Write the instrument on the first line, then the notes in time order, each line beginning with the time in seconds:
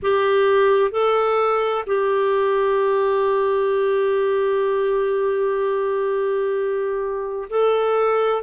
clarinet
0.02 G4
0.91 A4
1.86 G4
7.49 A4